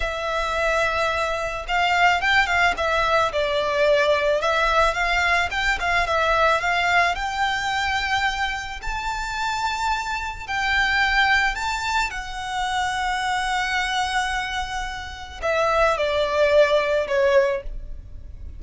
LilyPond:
\new Staff \with { instrumentName = "violin" } { \time 4/4 \tempo 4 = 109 e''2. f''4 | g''8 f''8 e''4 d''2 | e''4 f''4 g''8 f''8 e''4 | f''4 g''2. |
a''2. g''4~ | g''4 a''4 fis''2~ | fis''1 | e''4 d''2 cis''4 | }